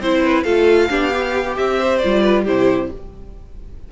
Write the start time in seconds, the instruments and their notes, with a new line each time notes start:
0.00 cello C4, viola E4, violin C5
0.24 violin B4
0.44 cello A3, viola F4, violin A4 F5
0.90 cello B3, viola D4, violin G4
1.12 viola G4
1.57 cello C4, violin E5
1.80 violin C5
1.99 viola F4, violin D5
2.05 cello G3
2.23 violin B4
2.44 cello C3, viola E4, violin G4 C5